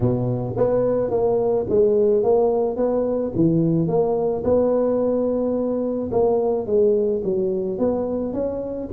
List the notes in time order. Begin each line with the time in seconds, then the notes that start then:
0.00 B2
0.57 B3
1.10 A#3
1.69 G#3
2.23 A#3
2.76 B3
3.35 E3
3.87 A#3
4.43 B3
6.11 A#3
6.66 G#3
7.23 F#3
7.78 B3
8.33 C#4